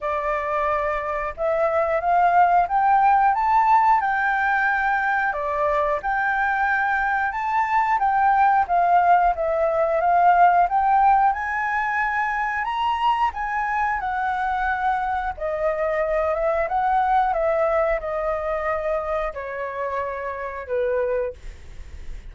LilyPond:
\new Staff \with { instrumentName = "flute" } { \time 4/4 \tempo 4 = 90 d''2 e''4 f''4 | g''4 a''4 g''2 | d''4 g''2 a''4 | g''4 f''4 e''4 f''4 |
g''4 gis''2 ais''4 | gis''4 fis''2 dis''4~ | dis''8 e''8 fis''4 e''4 dis''4~ | dis''4 cis''2 b'4 | }